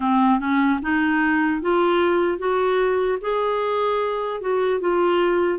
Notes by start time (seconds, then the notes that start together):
0.00 C4
0.39 C#4
0.81 D#4
1.61 F4
2.38 F#4
3.21 G#4
4.40 F#4
4.80 F4